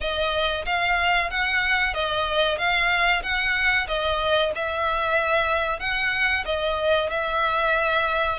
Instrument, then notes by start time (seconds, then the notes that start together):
violin
0.00 D#5
0.65 F5
1.30 F#5
1.94 D#5
2.57 F5
3.22 F#5
3.87 D#5
4.55 E5
5.79 F#5
6.45 D#5
7.09 E5